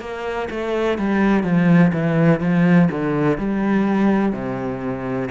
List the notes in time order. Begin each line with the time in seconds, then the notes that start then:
0.00 A#3
0.50 A3
0.98 G3
1.43 F3
1.93 E3
2.40 F3
2.91 D3
3.38 G3
4.33 C3